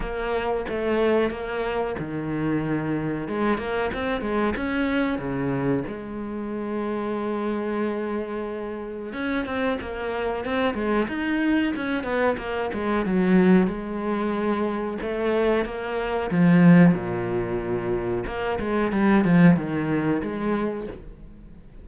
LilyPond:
\new Staff \with { instrumentName = "cello" } { \time 4/4 \tempo 4 = 92 ais4 a4 ais4 dis4~ | dis4 gis8 ais8 c'8 gis8 cis'4 | cis4 gis2.~ | gis2 cis'8 c'8 ais4 |
c'8 gis8 dis'4 cis'8 b8 ais8 gis8 | fis4 gis2 a4 | ais4 f4 ais,2 | ais8 gis8 g8 f8 dis4 gis4 | }